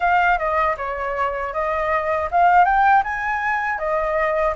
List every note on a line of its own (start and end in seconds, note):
0.00 0.38 F5
0.38 0.76 D#5
0.77 1.53 C#5
1.53 2.29 D#5
2.31 2.64 F5
2.64 3.02 G5
3.03 3.78 G#5
3.78 4.54 D#5